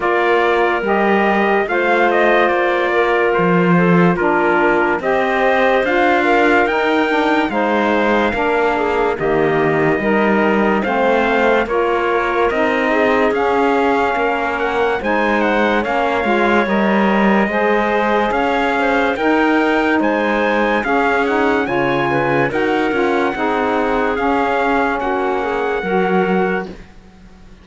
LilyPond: <<
  \new Staff \with { instrumentName = "trumpet" } { \time 4/4 \tempo 4 = 72 d''4 dis''4 f''8 dis''8 d''4 | c''4 ais'4 dis''4 f''4 | g''4 f''2 dis''4~ | dis''4 f''4 cis''4 dis''4 |
f''4. fis''8 gis''8 fis''8 f''4 | dis''2 f''4 g''4 | gis''4 f''8 fis''8 gis''4 fis''4~ | fis''4 f''4 fis''2 | }
  \new Staff \with { instrumentName = "clarinet" } { \time 4/4 ais'2 c''4. ais'8~ | ais'8 a'8 f'4 c''4. ais'8~ | ais'4 c''4 ais'8 gis'8 g'4 | ais'4 c''4 ais'4. gis'8~ |
gis'4 ais'4 c''4 cis''4~ | cis''4 c''4 cis''8 c''8 ais'4 | c''4 gis'4 cis''8 b'8 ais'4 | gis'2 fis'8 gis'8 ais'4 | }
  \new Staff \with { instrumentName = "saxophone" } { \time 4/4 f'4 g'4 f'2~ | f'4 d'4 g'4 f'4 | dis'8 d'8 dis'4 d'4 ais4 | dis'4 c'4 f'4 dis'4 |
cis'2 dis'4 cis'8 f'8 | ais'4 gis'2 dis'4~ | dis'4 cis'8 dis'8 f'4 fis'8 f'8 | dis'4 cis'2 fis'4 | }
  \new Staff \with { instrumentName = "cello" } { \time 4/4 ais4 g4 a4 ais4 | f4 ais4 c'4 d'4 | dis'4 gis4 ais4 dis4 | g4 a4 ais4 c'4 |
cis'4 ais4 gis4 ais8 gis8 | g4 gis4 cis'4 dis'4 | gis4 cis'4 cis4 dis'8 cis'8 | c'4 cis'4 ais4 fis4 | }
>>